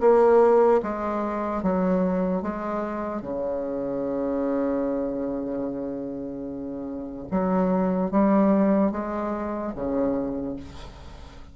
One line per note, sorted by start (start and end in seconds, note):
0.00 0.81 A#3
0.83 1.63 G#3
1.63 2.43 F#3
2.43 3.22 G#3
3.22 7.27 C#3
7.31 8.11 F#3
8.11 8.92 G3
8.92 9.73 G#3
9.75 10.56 C#3